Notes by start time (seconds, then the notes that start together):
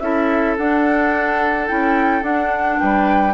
0.00 C#4 E4 A4 E5
0.58 D4 F#5
1.68 C#4 E4 G5
2.22 D4 F#5
2.80 G3 B4 G5